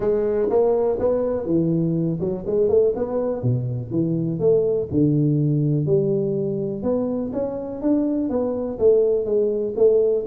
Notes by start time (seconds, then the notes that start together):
0.00 G#3
0.49 A#3
0.99 B3
1.45 E3
2.20 F#3
2.46 G#3
2.69 A3
2.95 B3
3.42 B2
3.90 E3
4.39 A3
4.91 D3
5.86 G3
6.82 B3
7.32 C#4
7.81 D4
8.29 B3
8.78 A3
9.25 G#3
9.76 A3